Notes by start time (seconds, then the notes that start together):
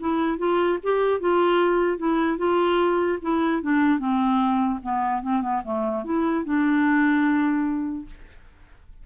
0.00 E4
0.39 F4
0.83 G4
1.20 F4
1.98 E4
2.38 F4
3.22 E4
3.62 D4
3.99 C4
4.83 B3
5.22 C4
5.42 B3
5.65 A3
6.05 E4
6.45 D4